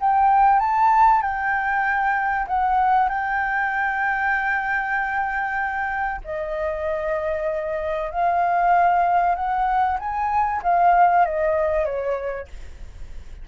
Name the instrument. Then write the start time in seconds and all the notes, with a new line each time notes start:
flute
0.00 G5
0.60 A5
1.22 G5
2.47 F#5
3.09 G5
6.25 D#5
8.11 F5
9.36 F#5
9.99 G#5
10.63 F5
11.25 D#5
11.85 C#5